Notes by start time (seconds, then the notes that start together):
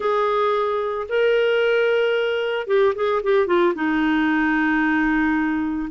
0.00 G#4
1.09 A#4
2.67 G4
2.95 G#4
3.23 G4
3.47 F4
3.75 D#4